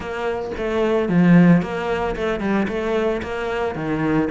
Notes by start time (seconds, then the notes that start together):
0.00 A#3
0.57 A3
1.09 F3
1.62 A#3
2.16 A3
2.40 G3
2.68 A3
3.22 A#3
3.75 D#3